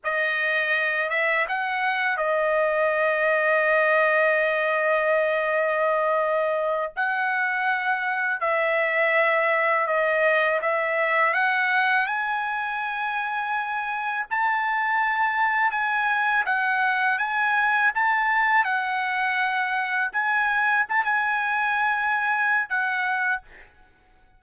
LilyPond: \new Staff \with { instrumentName = "trumpet" } { \time 4/4 \tempo 4 = 82 dis''4. e''8 fis''4 dis''4~ | dis''1~ | dis''4. fis''2 e''8~ | e''4. dis''4 e''4 fis''8~ |
fis''8 gis''2. a''8~ | a''4. gis''4 fis''4 gis''8~ | gis''8 a''4 fis''2 gis''8~ | gis''8 a''16 gis''2~ gis''16 fis''4 | }